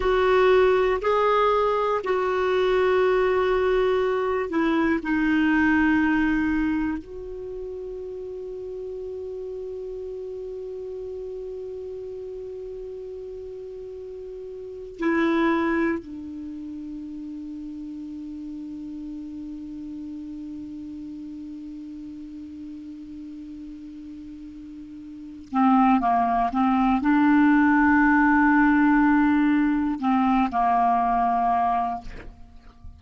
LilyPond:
\new Staff \with { instrumentName = "clarinet" } { \time 4/4 \tempo 4 = 60 fis'4 gis'4 fis'2~ | fis'8 e'8 dis'2 fis'4~ | fis'1~ | fis'2. e'4 |
d'1~ | d'1~ | d'4. c'8 ais8 c'8 d'4~ | d'2 c'8 ais4. | }